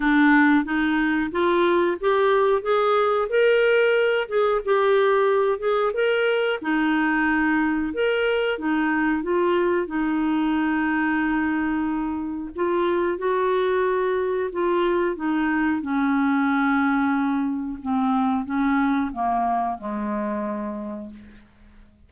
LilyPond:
\new Staff \with { instrumentName = "clarinet" } { \time 4/4 \tempo 4 = 91 d'4 dis'4 f'4 g'4 | gis'4 ais'4. gis'8 g'4~ | g'8 gis'8 ais'4 dis'2 | ais'4 dis'4 f'4 dis'4~ |
dis'2. f'4 | fis'2 f'4 dis'4 | cis'2. c'4 | cis'4 ais4 gis2 | }